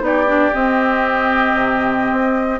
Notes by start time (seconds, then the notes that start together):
0.00 B3 D#4 D5
0.06 G4
0.27 D4
0.54 C4 D#5
1.53 C3
2.11 C4